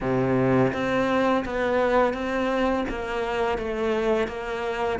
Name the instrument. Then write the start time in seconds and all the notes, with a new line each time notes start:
cello
0.01 C3
0.73 C4
1.44 B3
2.13 C4
2.89 A#3
3.57 A3
4.27 A#3